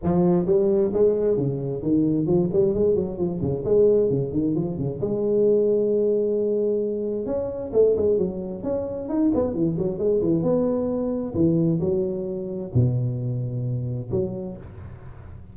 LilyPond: \new Staff \with { instrumentName = "tuba" } { \time 4/4 \tempo 4 = 132 f4 g4 gis4 cis4 | dis4 f8 g8 gis8 fis8 f8 cis8 | gis4 cis8 dis8 f8 cis8 gis4~ | gis1 |
cis'4 a8 gis8 fis4 cis'4 | dis'8 b8 e8 fis8 gis8 e8 b4~ | b4 e4 fis2 | b,2. fis4 | }